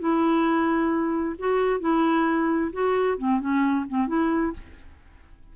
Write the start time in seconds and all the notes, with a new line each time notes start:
0.00 E4
1.39 F#4
1.81 E4
2.73 F#4
3.18 C4
3.40 C#4
3.89 C4
4.08 E4